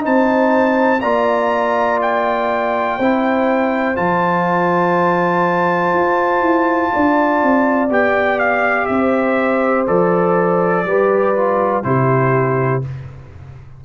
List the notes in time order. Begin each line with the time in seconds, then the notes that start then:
0.00 C4 D#4 C5 A5
1.01 A#3 F4 D5 A#5
2.02 G5
2.98 C4 E4 C5
3.95 F3 F4 A5
5.94 F4
6.41 E4
6.93 D4 D5
7.43 C4
7.90 B3 G4 G5
8.39 F5
8.86 C4 C5 E5
9.87 F3 A4 D5
10.85 G3 G4 B4
11.35 F4
11.83 C3 E4 G4 C5